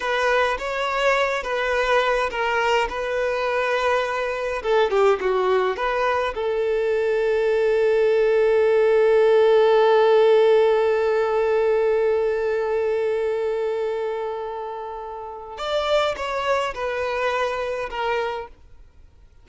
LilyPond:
\new Staff \with { instrumentName = "violin" } { \time 4/4 \tempo 4 = 104 b'4 cis''4. b'4. | ais'4 b'2. | a'8 g'8 fis'4 b'4 a'4~ | a'1~ |
a'1~ | a'1~ | a'2. d''4 | cis''4 b'2 ais'4 | }